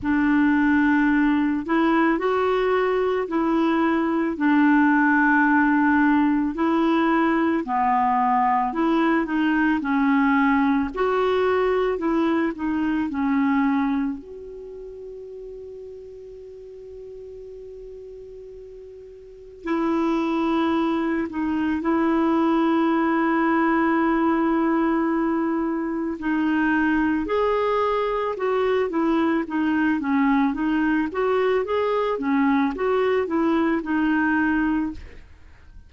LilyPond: \new Staff \with { instrumentName = "clarinet" } { \time 4/4 \tempo 4 = 55 d'4. e'8 fis'4 e'4 | d'2 e'4 b4 | e'8 dis'8 cis'4 fis'4 e'8 dis'8 | cis'4 fis'2.~ |
fis'2 e'4. dis'8 | e'1 | dis'4 gis'4 fis'8 e'8 dis'8 cis'8 | dis'8 fis'8 gis'8 cis'8 fis'8 e'8 dis'4 | }